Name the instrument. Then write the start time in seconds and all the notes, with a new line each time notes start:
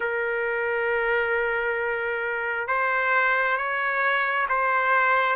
trumpet
0.00 A#4
2.67 C5
3.57 C#5
4.48 C5